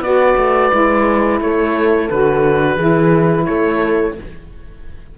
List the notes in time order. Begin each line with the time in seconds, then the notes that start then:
0.00 B3 F#4 B4 D5
0.37 A3
0.71 G#3 E4
1.40 A3 A4 C#5
2.10 D3 F#4 B4
2.76 E3 E4 G#4
3.45 A3 A4 C#5